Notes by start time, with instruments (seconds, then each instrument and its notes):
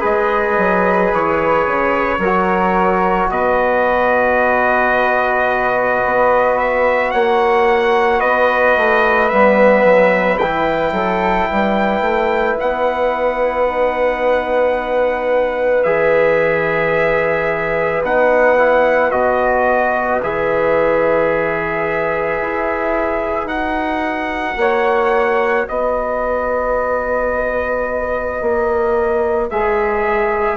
0.00 bassoon G#3, trombone G#4, flute B4, trumpet D#5
0.57 bassoon F#3
1.13 bassoon E3, trumpet C#5
1.66 bassoon C#3
2.18 bassoon F#3, flute A#4
2.24 trombone F#4
3.28 bassoon B2, flute B4, trumpet D#5
6.05 bassoon B3
6.57 trumpet E5
7.11 bassoon A#3, flute C#5, trumpet F#5
8.19 bassoon B3, flute B4, trumpet D#5
8.76 bassoon A3
9.29 bassoon G3, trombone B3, trumpet E5
9.84 bassoon F#3
10.38 bassoon E3, trombone E4, trumpet G5
10.92 bassoon F#3, flute A4
11.48 bassoon G3, flute B4
12.01 bassoon A3
12.60 bassoon B3, trumpet F#5
13.67 trombone D#4
15.83 bassoon E3, trombone G#4, trumpet E5
18.03 bassoon B3, trombone D#4, trumpet F#5
18.58 trombone E4
19.11 bassoon B2, trombone F#4, trumpet D#5
20.22 bassoon E3, trombone G#4, trumpet E5
22.41 bassoon E4
23.45 bassoon D#4, trombone F#4, trumpet F#5
24.56 bassoon A#3, flute C#5
25.67 bassoon B3, flute B4, trumpet D#5
28.41 bassoon A#3
29.50 bassoon G#3, trombone G#4, trumpet E5